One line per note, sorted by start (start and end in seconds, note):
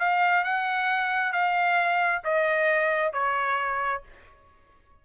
0.00 0.44 F5
0.44 1.33 F#5
1.33 2.22 F5
2.24 3.13 D#5
3.13 4.03 C#5